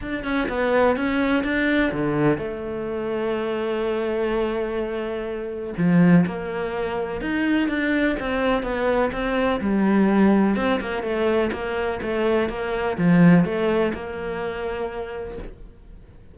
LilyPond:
\new Staff \with { instrumentName = "cello" } { \time 4/4 \tempo 4 = 125 d'8 cis'8 b4 cis'4 d'4 | d4 a2.~ | a1 | f4 ais2 dis'4 |
d'4 c'4 b4 c'4 | g2 c'8 ais8 a4 | ais4 a4 ais4 f4 | a4 ais2. | }